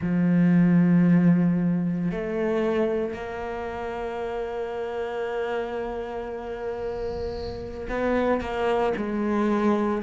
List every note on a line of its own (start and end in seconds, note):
0.01 2.11 F3
2.11 3.13 A3
3.13 7.87 A#3
7.89 8.40 B3
8.40 8.93 A#3
8.97 10.02 G#3